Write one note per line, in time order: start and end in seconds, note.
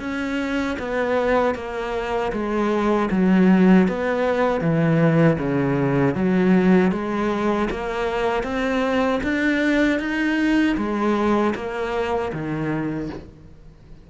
0.00 0.77 C#4
0.79 1.55 B3
1.55 2.32 A#3
2.33 3.09 G#3
3.11 3.88 F#3
3.88 4.61 B3
4.61 5.38 E3
5.38 6.15 C#3
6.15 6.92 F#3
6.92 7.69 G#3
7.71 8.43 A#3
8.43 9.20 C4
9.23 10.00 D4
10.00 10.77 D#4
10.77 11.54 G#3
11.55 12.32 A#3
12.33 13.10 D#3